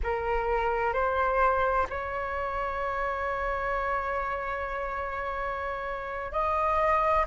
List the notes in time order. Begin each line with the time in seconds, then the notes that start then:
0.03 A#4
0.93 C5
1.89 C#5
6.32 D#5